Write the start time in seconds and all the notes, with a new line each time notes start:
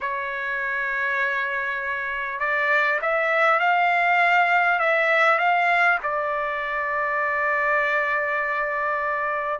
0.00 C#5
2.39 D5
3.01 E5
3.59 F5
4.79 E5
5.38 F5
6.02 D5